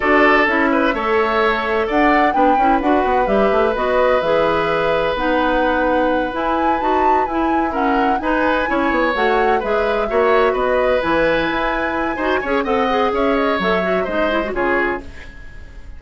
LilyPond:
<<
  \new Staff \with { instrumentName = "flute" } { \time 4/4 \tempo 4 = 128 d''4 e''2. | fis''4 g''4 fis''4 e''4 | dis''4 e''2 fis''4~ | fis''4. gis''4 a''4 gis''8~ |
gis''8 fis''4 gis''2 fis''8~ | fis''8 e''2 dis''4 gis''8~ | gis''2. fis''4 | e''8 dis''8 e''4 dis''4 cis''4 | }
  \new Staff \with { instrumentName = "oboe" } { \time 4/4 a'4. b'8 cis''2 | d''4 b'2.~ | b'1~ | b'1~ |
b'8 ais'4 b'4 cis''4.~ | cis''8 b'4 cis''4 b'4.~ | b'2 c''8 cis''8 dis''4 | cis''2 c''4 gis'4 | }
  \new Staff \with { instrumentName = "clarinet" } { \time 4/4 fis'4 e'4 a'2~ | a'4 d'8 e'8 fis'4 g'4 | fis'4 gis'2 dis'4~ | dis'4. e'4 fis'4 e'8~ |
e'8 cis'4 dis'4 e'4 fis'8~ | fis'8 gis'4 fis'2 e'8~ | e'2 fis'8 gis'8 a'8 gis'8~ | gis'4 a'8 fis'8 dis'8 e'16 fis'16 f'4 | }
  \new Staff \with { instrumentName = "bassoon" } { \time 4/4 d'4 cis'4 a2 | d'4 b8 cis'8 d'8 b8 g8 a8 | b4 e2 b4~ | b4. e'4 dis'4 e'8~ |
e'4. dis'4 cis'8 b8 a8~ | a8 gis4 ais4 b4 e8~ | e8 e'4. dis'8 cis'8 c'4 | cis'4 fis4 gis4 cis4 | }
>>